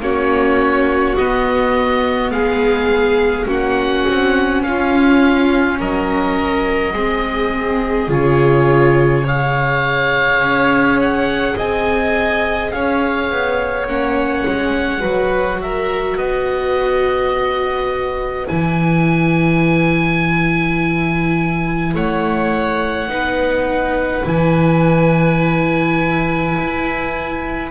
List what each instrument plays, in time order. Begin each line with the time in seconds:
0.00 double bass A#3, viola C#4, violin F#4, oboe C#5
1.17 viola B3, double bass B3, oboe D#5
2.31 double bass G#3, violin G#4, oboe F5
3.47 double bass A#3, viola C#4, violin F#4, oboe F#5
4.09 double bass C4
4.63 double bass C#4, violin F4, oboe F5
5.79 double bass F#3, violin A#4, oboe D#5
6.94 double bass G#3, viola C4, violin G#4
8.08 double bass C#3, viola F4, oboe C#5
9.24 viola G#4, violin C#5, oboe F5
10.39 double bass C#4
11.00 oboe F#5
11.56 double bass C4, violin D#5, oboe G#5
12.72 double bass C#4, violin C#5, oboe F5
13.30 double bass B3
13.87 double bass A#3, viola C#4, oboe F#5
14.47 double bass G#3
15.00 double bass F#3, viola F#4, violin B4
15.62 violin A#4, oboe E5
16.16 double bass B3, violin B4, oboe D#5
18.47 double bass E3, viola E4, oboe G#5
21.94 double bass A3, violin C#5, oboe F#5
23.08 double bass B3, viola D#4, violin B4
24.24 double bass E3, viola E4, oboe G#5
26.58 double bass E4